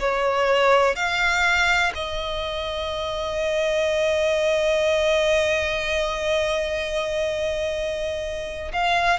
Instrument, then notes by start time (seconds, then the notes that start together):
violin
0.00 C#5
0.96 F5
1.95 D#5
8.73 F5